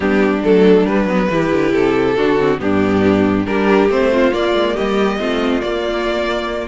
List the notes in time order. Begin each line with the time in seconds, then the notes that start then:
0.00 G3 B3 D4 G4
0.43 F#3 A3 A4
0.85 G3 B4
1.06 F#3 B3
1.30 E3 E4 G4
1.52 D3
1.72 C3 A4
2.16 D3 D4 F#4
2.38 C4
2.58 G2 B3 D4 G4
3.45 G3 D4 G4 A#4
3.88 A3 C4 C5
4.12 F4
4.31 A#3 D5
4.53 G#3
4.75 G3 G4 D#5
5.19 A3 C4 F4
5.60 A#3 D5